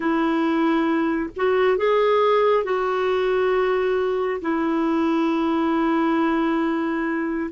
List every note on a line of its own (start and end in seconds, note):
0.00 1.30 E4
1.36 1.77 F#4
1.77 2.64 G#4
2.64 4.40 F#4
4.41 7.50 E4